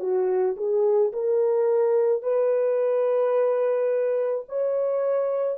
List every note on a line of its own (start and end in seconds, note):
0.00 0.56 F#4
0.57 1.12 G#4
1.13 2.23 A#4
2.23 4.45 B4
4.48 5.58 C#5